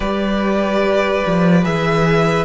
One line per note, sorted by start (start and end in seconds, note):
0.00 1.23 G3
0.00 1.63 G4
0.00 2.45 B4
0.00 1.64 D5
1.26 1.65 F3
1.63 2.45 E3
1.63 2.45 G#4
1.63 2.45 E5